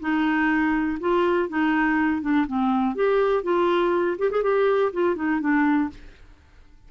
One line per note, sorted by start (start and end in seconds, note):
0.00 0.98 D#4
1.00 1.49 F4
1.49 2.22 D#4
2.22 2.46 D4
2.47 2.95 C4
2.95 3.43 G4
3.43 4.17 F4
4.18 4.31 G4
4.31 4.43 G#4
4.43 4.92 G4
4.93 5.16 F4
5.16 5.40 D#4
5.41 5.90 D4